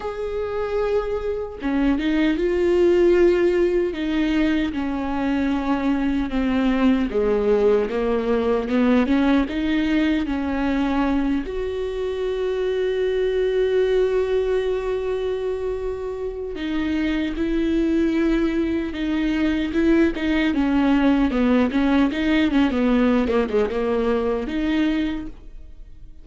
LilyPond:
\new Staff \with { instrumentName = "viola" } { \time 4/4 \tempo 4 = 76 gis'2 cis'8 dis'8 f'4~ | f'4 dis'4 cis'2 | c'4 gis4 ais4 b8 cis'8 | dis'4 cis'4. fis'4.~ |
fis'1~ | fis'4 dis'4 e'2 | dis'4 e'8 dis'8 cis'4 b8 cis'8 | dis'8 cis'16 b8. ais16 gis16 ais4 dis'4 | }